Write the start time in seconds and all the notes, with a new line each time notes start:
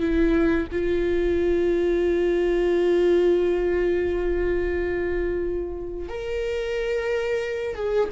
0.00 E4
0.72 F4
6.09 A#4
7.76 G#4